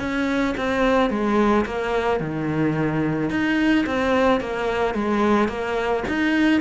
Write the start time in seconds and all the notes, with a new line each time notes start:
0.00 C#4
0.57 C4
1.10 G#3
1.66 A#3
2.20 D#3
3.30 D#4
3.87 C4
4.40 A#3
4.94 G#3
5.49 A#3
6.08 D#4